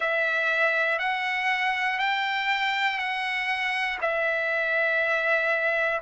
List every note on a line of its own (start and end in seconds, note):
0.00 0.99 E5
0.99 1.99 F#5
1.99 2.98 G5
2.98 3.98 F#5
4.00 6.00 E5